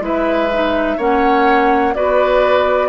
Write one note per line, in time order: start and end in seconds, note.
0.00 0.97 G#3
0.00 0.49 E4
0.00 0.98 B4
0.00 0.99 E5
0.53 0.99 D#4
0.98 1.95 A#3
0.98 1.95 C#4
0.98 1.94 C#5
0.98 1.95 F#5
1.95 2.89 B3
1.95 2.89 F#4
1.95 2.89 B4
1.95 2.89 D5